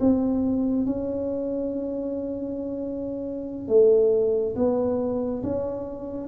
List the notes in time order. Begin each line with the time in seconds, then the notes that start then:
0.00 C4
0.86 C#4
3.68 A3
4.56 B3
5.43 C#4